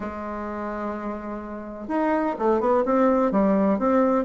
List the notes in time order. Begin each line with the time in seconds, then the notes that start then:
0.00 G#3
1.88 D#4
2.38 A3
2.60 B3
2.85 C4
3.31 G3
3.79 C4